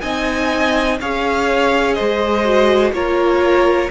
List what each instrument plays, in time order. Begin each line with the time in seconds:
0.00 cello C4, viola D#4, violin D#5 G#5
1.00 cello C#4, viola G#4, violin C#5 F5
1.93 violin C5 D#5
2.00 cello G#3
2.44 viola F#4
2.91 cello A#3, viola F4, violin A#4 C#5